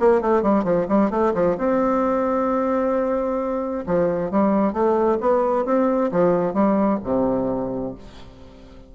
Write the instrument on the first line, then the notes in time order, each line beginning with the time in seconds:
bassoon
0.00 A#3
0.21 A3
0.43 G3
0.64 F3
0.89 G3
1.11 A3
1.34 F3
1.58 C4
3.86 F3
4.31 G3
4.73 A3
5.21 B3
5.65 C4
6.12 F3
6.54 G3
7.04 C3